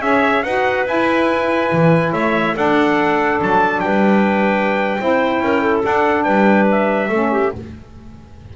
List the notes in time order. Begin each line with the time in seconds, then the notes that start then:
0.00 C#4 G#4 C#5 E5
0.43 D#4 F#4 B4 F#5
0.85 E4 G#5
1.72 E3
2.13 A3 C#5 E5
2.55 D4 A4 F#5
3.42 F#3 A5
3.80 G3 B4 G5
4.99 C4 E4 C5
5.40 C#4 A#4
5.62 A4
5.82 D4 F#5
6.24 G3 B4 G5
6.72 E5
7.09 A3 C#4 A4
7.32 G4